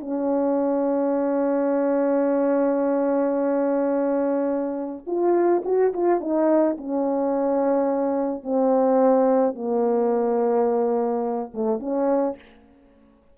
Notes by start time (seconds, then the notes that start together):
0.00 C#4
5.06 F4
5.65 F#4
5.93 F4
6.20 D#4
6.77 C#4
8.43 C4
9.55 A#3
11.54 A3
11.79 C#4